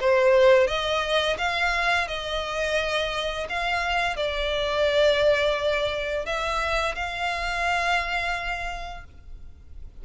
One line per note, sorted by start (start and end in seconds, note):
0.00 0.67 C5
0.67 1.37 D#5
1.38 2.08 F5
2.08 3.47 D#5
3.49 4.16 F5
4.16 6.26 D5
6.26 6.95 E5
6.95 9.04 F5